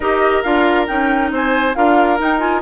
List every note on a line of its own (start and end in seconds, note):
0.00 0.42 D#4
0.00 0.44 G4
0.00 1.31 A#4
0.00 0.42 D#5
0.42 0.88 D4
0.42 0.86 F4
0.42 0.86 F5
0.86 1.31 C#4
0.86 1.74 D#4
0.86 1.30 G5
1.31 1.75 C4
1.31 1.76 C5
1.31 1.75 G#5
1.74 2.19 D4
1.74 2.18 F4
1.74 2.61 A#4
1.74 2.19 F5
2.19 2.39 D#4
2.19 2.61 D#4
2.19 2.39 G5
2.39 2.61 F4
2.39 2.61 G#5